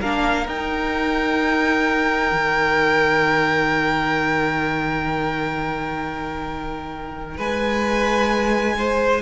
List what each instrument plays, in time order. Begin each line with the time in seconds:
0.00 cello A#3, viola D4, violin A#4 F5
0.46 viola D#4, cello D#4, violin G5
2.32 cello D#3
7.37 cello G#3, violin B4 G#5
8.78 violin C5